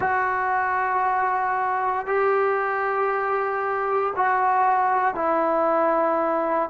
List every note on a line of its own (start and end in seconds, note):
0.00 2.06 F#4
2.06 4.13 G4
4.16 5.14 F#4
5.14 6.69 E4